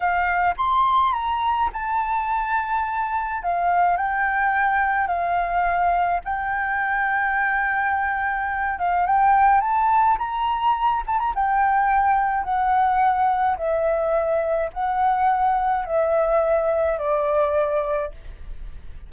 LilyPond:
\new Staff \with { instrumentName = "flute" } { \time 4/4 \tempo 4 = 106 f''4 c'''4 ais''4 a''4~ | a''2 f''4 g''4~ | g''4 f''2 g''4~ | g''2.~ g''8 f''8 |
g''4 a''4 ais''4. a''16 ais''16 | g''2 fis''2 | e''2 fis''2 | e''2 d''2 | }